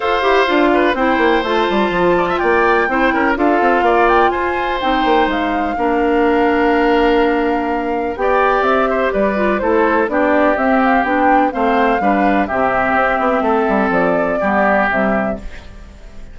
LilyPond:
<<
  \new Staff \with { instrumentName = "flute" } { \time 4/4 \tempo 4 = 125 f''2 g''4 a''4~ | a''4 g''2 f''4~ | f''8 g''8 gis''4 g''4 f''4~ | f''1~ |
f''4 g''4 e''4 d''4 | c''4 d''4 e''8 f''8 g''4 | f''2 e''2~ | e''4 d''2 e''4 | }
  \new Staff \with { instrumentName = "oboe" } { \time 4/4 c''4. b'8 c''2~ | c''8 d''16 e''16 d''4 c''8 ais'8 a'4 | d''4 c''2. | ais'1~ |
ais'4 d''4. c''8 b'4 | a'4 g'2. | c''4 b'4 g'2 | a'2 g'2 | }
  \new Staff \with { instrumentName = "clarinet" } { \time 4/4 a'8 g'8 f'4 e'4 f'4~ | f'2 e'4 f'4~ | f'2 dis'2 | d'1~ |
d'4 g'2~ g'8 f'8 | e'4 d'4 c'4 d'4 | c'4 d'4 c'2~ | c'2 b4 g4 | }
  \new Staff \with { instrumentName = "bassoon" } { \time 4/4 f'8 e'8 d'4 c'8 ais8 a8 g8 | f4 ais4 c'8 cis'8 d'8 c'8 | ais4 f'4 c'8 ais8 gis4 | ais1~ |
ais4 b4 c'4 g4 | a4 b4 c'4 b4 | a4 g4 c4 c'8 b8 | a8 g8 f4 g4 c4 | }
>>